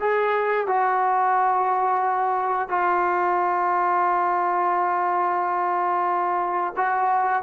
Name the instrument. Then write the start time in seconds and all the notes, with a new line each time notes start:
trombone
0.00 G#4
0.67 F#4
2.69 F4
6.77 F#4